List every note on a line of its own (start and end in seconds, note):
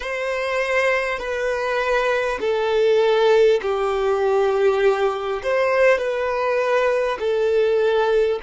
0.00 1.18 C5
1.18 2.38 B4
2.40 3.60 A4
3.62 5.42 G4
5.43 5.97 C5
5.97 7.17 B4
7.19 8.39 A4